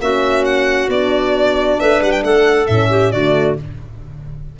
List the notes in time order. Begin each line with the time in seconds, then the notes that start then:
0.00 A#3 C#4 F#4 E5
0.45 F#5
0.88 B3 D4 D5
1.80 A3 B4 E5
2.02 G3 F#5
2.12 G5
2.23 A3 A4 F#5
2.67 A2 C#4 E5
2.90 G4
3.11 D3 A3 F#4 D5